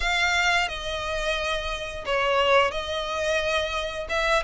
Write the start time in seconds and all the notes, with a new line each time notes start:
0.00 F5
0.68 D#5
2.05 C#5
2.71 D#5
4.09 E5